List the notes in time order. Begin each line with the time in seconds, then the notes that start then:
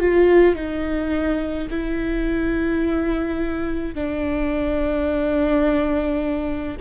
0.00 F4
0.55 D#4
1.70 E4
3.95 D4